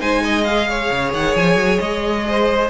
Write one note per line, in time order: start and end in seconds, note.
0.00 0.90 G#3
0.00 0.45 D#4
0.00 0.23 C5
0.00 0.44 G#5
0.25 0.69 D#5
0.44 2.69 G#4
0.44 1.11 F5
0.69 2.26 C#5
0.91 1.13 C#3
1.13 1.35 D#3
1.13 1.36 F#5
1.36 1.56 F3
1.36 1.79 G#5
1.56 1.78 F#3
1.79 2.69 G#3
1.79 2.68 D#5
2.28 2.69 C5